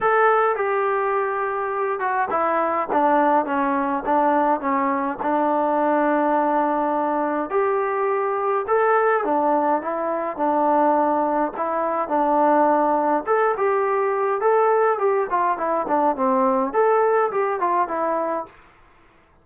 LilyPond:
\new Staff \with { instrumentName = "trombone" } { \time 4/4 \tempo 4 = 104 a'4 g'2~ g'8 fis'8 | e'4 d'4 cis'4 d'4 | cis'4 d'2.~ | d'4 g'2 a'4 |
d'4 e'4 d'2 | e'4 d'2 a'8 g'8~ | g'4 a'4 g'8 f'8 e'8 d'8 | c'4 a'4 g'8 f'8 e'4 | }